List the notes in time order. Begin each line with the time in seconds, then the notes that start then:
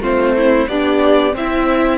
0.00 A3 C4 F4 C5
0.37 E4
0.68 B3 D4 G4 D5
1.33 C4 E4 E5